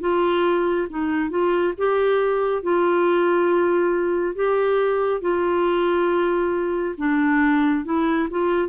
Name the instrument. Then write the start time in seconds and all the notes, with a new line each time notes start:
clarinet
0.00 F4
0.89 D#4
1.30 F4
1.77 G4
2.62 F4
4.35 G4
5.21 F4
6.97 D4
7.85 E4
8.30 F4